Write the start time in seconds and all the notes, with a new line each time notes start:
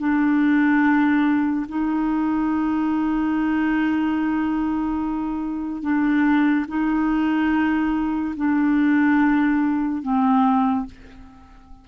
0.00 D4
1.69 D#4
5.83 D4
6.69 D#4
8.37 D4
10.03 C4